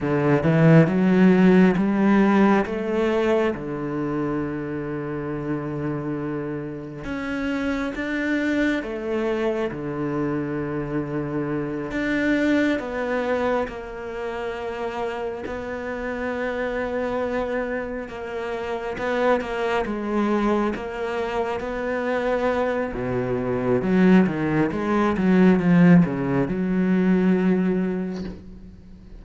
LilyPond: \new Staff \with { instrumentName = "cello" } { \time 4/4 \tempo 4 = 68 d8 e8 fis4 g4 a4 | d1 | cis'4 d'4 a4 d4~ | d4. d'4 b4 ais8~ |
ais4. b2~ b8~ | b8 ais4 b8 ais8 gis4 ais8~ | ais8 b4. b,4 fis8 dis8 | gis8 fis8 f8 cis8 fis2 | }